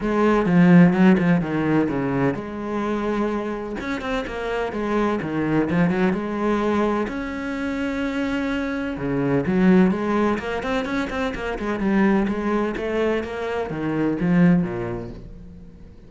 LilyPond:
\new Staff \with { instrumentName = "cello" } { \time 4/4 \tempo 4 = 127 gis4 f4 fis8 f8 dis4 | cis4 gis2. | cis'8 c'8 ais4 gis4 dis4 | f8 fis8 gis2 cis'4~ |
cis'2. cis4 | fis4 gis4 ais8 c'8 cis'8 c'8 | ais8 gis8 g4 gis4 a4 | ais4 dis4 f4 ais,4 | }